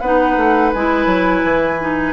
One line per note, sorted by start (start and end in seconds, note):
0.00 0.36 B3
0.00 0.75 D#4
0.00 2.13 B4
0.00 0.71 F#5
0.36 0.72 A3
0.73 1.06 G#3
0.73 1.81 E4
0.73 2.13 G#5
1.06 1.42 F#3
1.44 2.13 E3
1.81 2.13 D#4